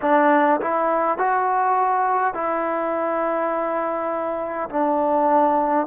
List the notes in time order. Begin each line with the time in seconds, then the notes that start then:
0.01 D4
0.60 E4
1.18 F#4
2.34 E4
4.69 D4